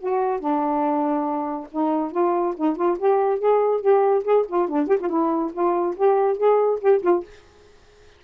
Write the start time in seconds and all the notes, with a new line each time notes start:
0.00 F#4
0.40 D4
1.72 D#4
2.12 F4
2.57 D#4
2.76 F4
2.99 G4
3.39 G#4
3.81 G4
4.24 G#4
4.48 F4
4.69 D4
4.88 G4
5.00 F4
5.09 E4
5.53 F4
5.96 G4
6.38 G#4
6.81 G4
7.03 F4